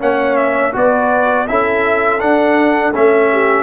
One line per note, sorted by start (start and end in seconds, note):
0.00 0.75 A#3
0.00 0.73 C#4
0.00 0.74 C#5
0.00 0.37 F#5
0.37 0.73 E5
0.73 1.49 B3
0.73 1.46 F#4
0.73 1.48 B4
0.73 1.48 D5
1.48 2.21 C#4
1.48 2.20 E4
1.48 3.32 A4
1.48 2.21 E5
2.20 2.94 D4
2.20 2.95 D4
2.20 2.94 F#5
2.95 3.63 A3
2.95 3.63 C#4
2.95 3.63 E5
3.32 3.63 G4